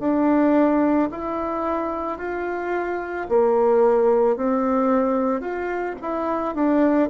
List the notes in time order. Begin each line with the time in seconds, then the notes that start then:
0.00 D4
1.12 E4
2.18 F4
3.29 A#3
4.36 C4
5.41 F4
6.02 E4
6.55 D4